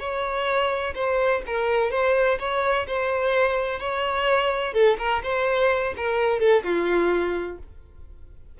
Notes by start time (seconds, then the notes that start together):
0.00 C#5
0.95 C5
1.46 A#4
1.91 C5
2.39 C#5
2.87 C5
3.80 C#5
4.74 A4
4.99 A#4
5.23 C5
5.97 A#4
6.40 A4
6.64 F4